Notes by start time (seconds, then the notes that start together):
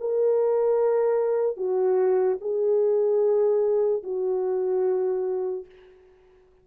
0.00 A#4
1.57 F#4
2.41 G#4
4.03 F#4